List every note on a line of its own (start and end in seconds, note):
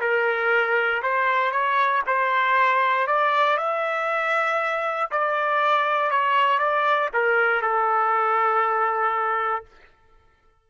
0.00 1.02 A#4
1.02 1.51 C5
1.51 2.02 C#5
2.07 3.06 C5
3.06 3.57 D5
3.57 5.10 E5
5.11 6.11 D5
6.11 6.59 C#5
6.59 7.10 D5
7.13 7.61 A#4
7.61 9.65 A4